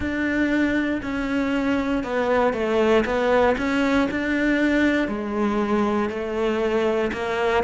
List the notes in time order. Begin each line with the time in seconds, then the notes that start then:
0.00 D4
1.02 C#4
2.03 B3
2.53 A3
3.05 B3
3.57 C#4
4.10 D4
5.08 G#3
6.09 A3
7.12 A#3